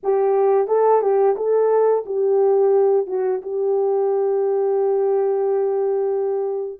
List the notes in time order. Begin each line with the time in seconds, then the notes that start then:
0.03 G4
0.67 A4
1.01 G4
1.36 A4
2.05 G4
3.07 F#4
3.42 G4